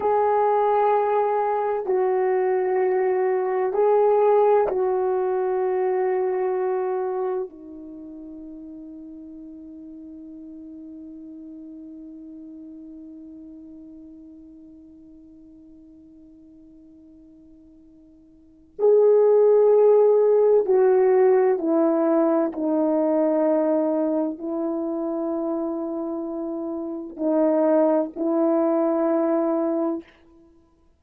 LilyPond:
\new Staff \with { instrumentName = "horn" } { \time 4/4 \tempo 4 = 64 gis'2 fis'2 | gis'4 fis'2. | dis'1~ | dis'1~ |
dis'1 | gis'2 fis'4 e'4 | dis'2 e'2~ | e'4 dis'4 e'2 | }